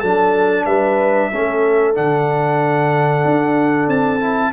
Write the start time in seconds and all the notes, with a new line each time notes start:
0.00 F#3 D4 A4 A5
0.65 G3 B4 E5
1.31 A3 C#4 A4
1.94 D3 D4 F#5
3.25 D4
3.87 C4 A5
4.20 E4